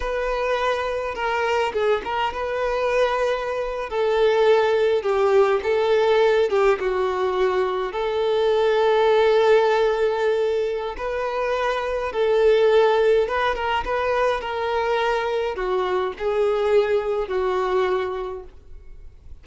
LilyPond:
\new Staff \with { instrumentName = "violin" } { \time 4/4 \tempo 4 = 104 b'2 ais'4 gis'8 ais'8 | b'2~ b'8. a'4~ a'16~ | a'8. g'4 a'4. g'8 fis'16~ | fis'4.~ fis'16 a'2~ a'16~ |
a'2. b'4~ | b'4 a'2 b'8 ais'8 | b'4 ais'2 fis'4 | gis'2 fis'2 | }